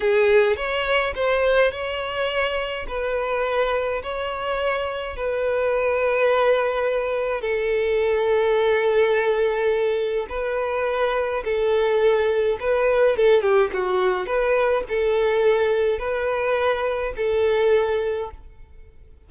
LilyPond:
\new Staff \with { instrumentName = "violin" } { \time 4/4 \tempo 4 = 105 gis'4 cis''4 c''4 cis''4~ | cis''4 b'2 cis''4~ | cis''4 b'2.~ | b'4 a'2.~ |
a'2 b'2 | a'2 b'4 a'8 g'8 | fis'4 b'4 a'2 | b'2 a'2 | }